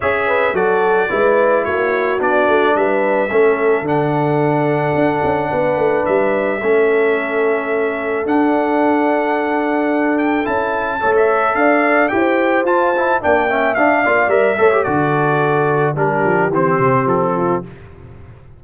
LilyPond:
<<
  \new Staff \with { instrumentName = "trumpet" } { \time 4/4 \tempo 4 = 109 e''4 d''2 cis''4 | d''4 e''2 fis''4~ | fis''2. e''4~ | e''2. fis''4~ |
fis''2~ fis''8 g''8 a''4~ | a''16 e''8. f''4 g''4 a''4 | g''4 f''4 e''4 d''4~ | d''4 ais'4 c''4 a'4 | }
  \new Staff \with { instrumentName = "horn" } { \time 4/4 cis''8 b'8 a'4 b'4 fis'4~ | fis'4 b'4 a'2~ | a'2 b'2 | a'1~ |
a'1 | cis''4 d''4 c''2 | d''8 e''4 d''4 cis''8 a'4~ | a'4 g'2~ g'8 f'8 | }
  \new Staff \with { instrumentName = "trombone" } { \time 4/4 gis'4 fis'4 e'2 | d'2 cis'4 d'4~ | d'1 | cis'2. d'4~ |
d'2. e'4 | a'2 g'4 f'8 e'8 | d'8 cis'8 d'8 f'8 ais'8 a'16 g'16 fis'4~ | fis'4 d'4 c'2 | }
  \new Staff \with { instrumentName = "tuba" } { \time 4/4 cis'4 fis4 gis4 ais4 | b8 a8 g4 a4 d4~ | d4 d'8 cis'8 b8 a8 g4 | a2. d'4~ |
d'2. cis'4 | a4 d'4 e'4 f'4 | ais4 d'8 ais8 g8 a8 d4~ | d4 g8 f8 e8 c8 f4 | }
>>